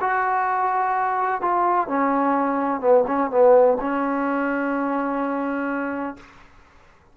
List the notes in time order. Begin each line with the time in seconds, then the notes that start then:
0.00 F#4
1.41 F4
1.87 C#4
2.80 B3
3.07 C#4
3.30 B3
3.80 C#4